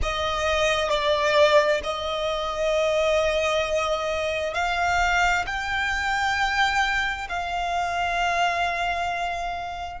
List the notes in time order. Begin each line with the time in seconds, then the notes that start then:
0.02 D#5
0.89 D5
1.83 D#5
4.54 F5
5.46 G5
7.29 F5